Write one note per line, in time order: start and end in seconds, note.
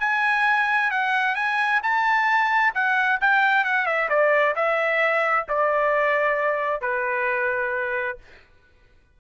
0.00 0.91 G#5
0.91 1.35 F#5
1.35 1.81 G#5
1.83 2.74 A5
2.74 3.20 F#5
3.21 3.64 G5
3.64 3.86 F#5
3.86 4.09 E5
4.09 4.55 D5
4.56 5.47 E5
5.49 6.81 D5
6.81 8.18 B4